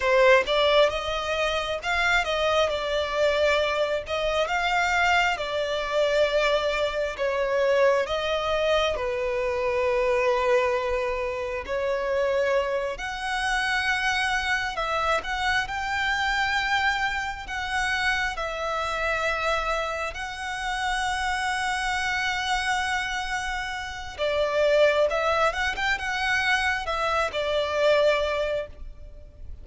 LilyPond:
\new Staff \with { instrumentName = "violin" } { \time 4/4 \tempo 4 = 67 c''8 d''8 dis''4 f''8 dis''8 d''4~ | d''8 dis''8 f''4 d''2 | cis''4 dis''4 b'2~ | b'4 cis''4. fis''4.~ |
fis''8 e''8 fis''8 g''2 fis''8~ | fis''8 e''2 fis''4.~ | fis''2. d''4 | e''8 fis''16 g''16 fis''4 e''8 d''4. | }